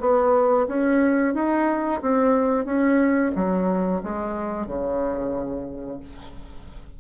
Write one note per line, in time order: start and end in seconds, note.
0.00 0.67 B3
0.67 1.34 C#4
1.34 2.01 D#4
2.01 2.65 C4
2.65 3.32 C#4
3.35 4.02 F#3
4.03 4.66 G#3
4.66 6.00 C#3